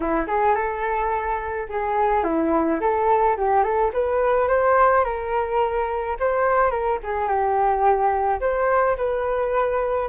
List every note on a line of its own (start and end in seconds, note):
0.00 0.25 E4
0.27 0.55 G#4
0.55 1.67 A4
1.69 2.23 G#4
2.23 2.79 E4
2.80 3.36 A4
3.36 3.63 G4
3.63 3.91 A4
3.93 4.48 B4
4.48 5.04 C5
5.04 6.16 A#4
6.19 6.70 C5
6.70 6.98 A#4
7.03 7.28 G#4
7.28 8.40 G4
8.40 8.96 C5
8.96 10.08 B4